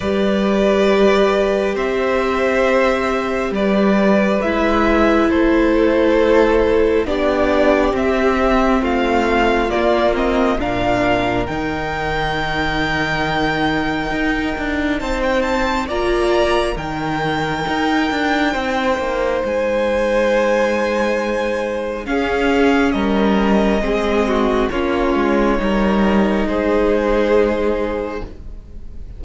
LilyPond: <<
  \new Staff \with { instrumentName = "violin" } { \time 4/4 \tempo 4 = 68 d''2 e''2 | d''4 e''4 c''2 | d''4 e''4 f''4 d''8 dis''8 | f''4 g''2.~ |
g''4 a''16 g''16 a''8 ais''4 g''4~ | g''2 gis''2~ | gis''4 f''4 dis''2 | cis''2 c''2 | }
  \new Staff \with { instrumentName = "violin" } { \time 4/4 b'2 c''2 | b'2 a'2 | g'2 f'2 | ais'1~ |
ais'4 c''4 d''4 ais'4~ | ais'4 c''2.~ | c''4 gis'4 ais'4 gis'8 fis'8 | f'4 ais'4 gis'2 | }
  \new Staff \with { instrumentName = "viola" } { \time 4/4 g'1~ | g'4 e'2. | d'4 c'2 ais8 c'8 | d'4 dis'2.~ |
dis'2 f'4 dis'4~ | dis'1~ | dis'4 cis'2 c'4 | cis'4 dis'2. | }
  \new Staff \with { instrumentName = "cello" } { \time 4/4 g2 c'2 | g4 gis4 a2 | b4 c'4 a4 ais4 | ais,4 dis2. |
dis'8 d'8 c'4 ais4 dis4 | dis'8 d'8 c'8 ais8 gis2~ | gis4 cis'4 g4 gis4 | ais8 gis8 g4 gis2 | }
>>